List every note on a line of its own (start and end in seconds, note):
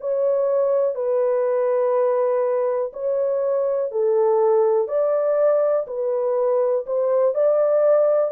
0.00 0.95 C#5
0.95 2.92 B4
2.93 3.91 C#5
3.91 4.88 A4
4.88 5.86 D5
5.87 6.85 B4
6.86 7.34 C5
7.34 8.31 D5